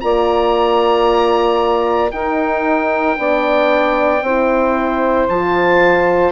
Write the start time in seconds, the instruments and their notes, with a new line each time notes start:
0.00 bassoon A#3, horn F4, saxophone D5, oboe A#5
2.11 bassoon D#4, horn D#4, saxophone A#4, oboe G5
3.15 bassoon B3, horn D4, saxophone D5
4.21 bassoon C4, horn E4, saxophone C5
5.29 bassoon F3, horn F4, oboe A5